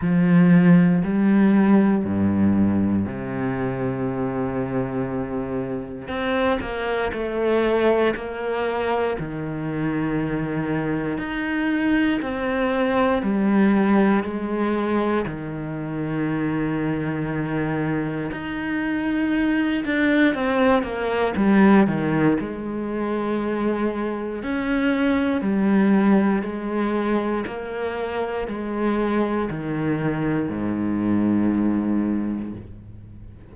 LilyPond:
\new Staff \with { instrumentName = "cello" } { \time 4/4 \tempo 4 = 59 f4 g4 g,4 c4~ | c2 c'8 ais8 a4 | ais4 dis2 dis'4 | c'4 g4 gis4 dis4~ |
dis2 dis'4. d'8 | c'8 ais8 g8 dis8 gis2 | cis'4 g4 gis4 ais4 | gis4 dis4 gis,2 | }